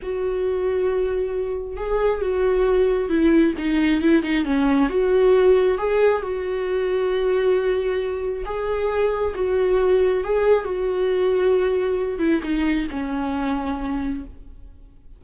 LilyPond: \new Staff \with { instrumentName = "viola" } { \time 4/4 \tempo 4 = 135 fis'1 | gis'4 fis'2 e'4 | dis'4 e'8 dis'8 cis'4 fis'4~ | fis'4 gis'4 fis'2~ |
fis'2. gis'4~ | gis'4 fis'2 gis'4 | fis'2.~ fis'8 e'8 | dis'4 cis'2. | }